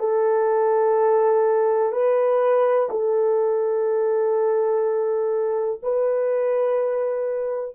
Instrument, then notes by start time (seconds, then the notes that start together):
horn
0.00 A4
1.93 B4
2.91 A4
5.83 B4